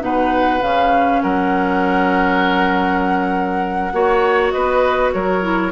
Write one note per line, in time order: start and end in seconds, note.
0.00 0.61 B2
0.00 0.60 D#4
0.00 1.22 B4
0.00 0.62 F#5
0.61 1.22 C#3
0.61 3.91 C#4
0.61 1.22 F5
1.22 3.93 F#3
1.22 3.92 A#4
1.22 4.50 F#5
3.92 4.53 A#3
3.92 5.42 F#4
3.92 4.53 C#5
4.50 5.14 B3
4.50 5.13 B4
4.50 5.10 D#5
5.12 5.71 F#3
5.12 5.71 A#4
5.12 5.71 C#5
5.42 5.71 E4